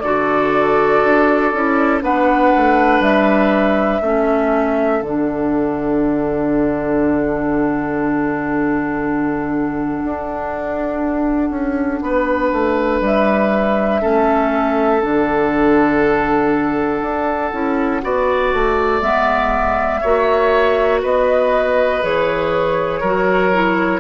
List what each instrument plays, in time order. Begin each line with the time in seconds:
0.00 bassoon D3, clarinet F#4, oboe A4, flute D5
1.05 bassoon D4
1.53 bassoon C#4, clarinet E4
2.00 bassoon B3, clarinet D4, oboe B4, flute F#5
2.56 bassoon A3
3.00 bassoon G3, flute E5
4.01 bassoon A3, clarinet C#4, oboe A4
5.01 bassoon D3, clarinet D4, flute F#5
10.05 bassoon D4
11.50 bassoon C#4
12.02 bassoon B3, oboe B4
12.53 bassoon A3
13.01 bassoon G3, flute E5
14.02 bassoon A3, clarinet C#4, oboe A4
15.02 bassoon D3, clarinet D4, flute F#5
17.02 bassoon D4
17.52 bassoon C#4, clarinet E4
18.02 bassoon B3, clarinet F#4, oboe D5
18.53 bassoon A3
19.00 bassoon G#3, clarinet B3, flute E5
20.01 bassoon A#3, clarinet F#4, oboe C#5
21.02 bassoon B3, oboe B4, flute D#5
22.02 bassoon E3, clarinet G#4, flute C#5
23.01 bassoon F#3, clarinet F#4, oboe A#4
23.53 clarinet E4